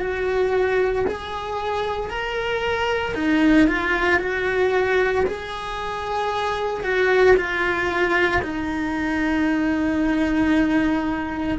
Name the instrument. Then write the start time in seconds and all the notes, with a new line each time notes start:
cello
0.00 F#4
1.07 G#4
2.10 A#4
3.15 D#4
3.67 F4
4.20 F#4
5.26 G#4
6.83 F#4
7.36 F4
8.42 D#4